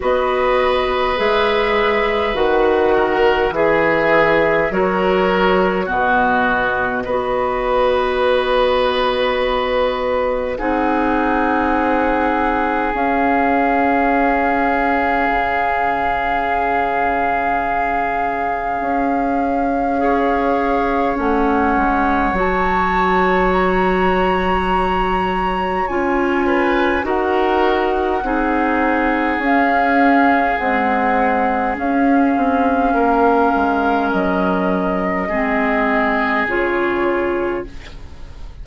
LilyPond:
<<
  \new Staff \with { instrumentName = "flute" } { \time 4/4 \tempo 4 = 51 dis''4 e''4 fis''4 e''4 | cis''4 dis''2.~ | dis''4 fis''2 f''4~ | f''1~ |
f''2 fis''4 a''4 | ais''2 gis''4 fis''4~ | fis''4 f''4 fis''4 f''4~ | f''4 dis''2 cis''4 | }
  \new Staff \with { instrumentName = "oboe" } { \time 4/4 b'2~ b'8 ais'8 gis'4 | ais'4 fis'4 b'2~ | b'4 gis'2.~ | gis'1~ |
gis'4 cis''2.~ | cis''2~ cis''8 b'8 ais'4 | gis'1 | ais'2 gis'2 | }
  \new Staff \with { instrumentName = "clarinet" } { \time 4/4 fis'4 gis'4 fis'4 gis'4 | fis'4 b4 fis'2~ | fis'4 dis'2 cis'4~ | cis'1~ |
cis'4 gis'4 cis'4 fis'4~ | fis'2 f'4 fis'4 | dis'4 cis'4 gis4 cis'4~ | cis'2 c'4 f'4 | }
  \new Staff \with { instrumentName = "bassoon" } { \time 4/4 b4 gis4 dis4 e4 | fis4 b,4 b2~ | b4 c'2 cis'4~ | cis'4 cis2. |
cis'2 a8 gis8 fis4~ | fis2 cis'4 dis'4 | c'4 cis'4 c'4 cis'8 c'8 | ais8 gis8 fis4 gis4 cis4 | }
>>